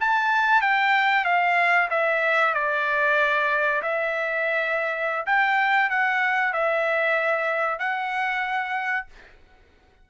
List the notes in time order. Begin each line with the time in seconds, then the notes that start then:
0.00 A5
0.61 G5
1.24 F5
1.90 E5
2.54 D5
3.82 E5
5.26 G5
5.90 F#5
6.53 E5
7.79 F#5